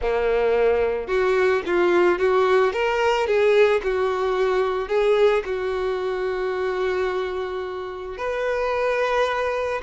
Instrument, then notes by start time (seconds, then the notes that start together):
violin
0.01 A#3
1.07 F#4
1.66 F4
2.18 F#4
2.72 A#4
3.26 G#4
3.83 F#4
4.88 G#4
5.45 F#4
8.17 B4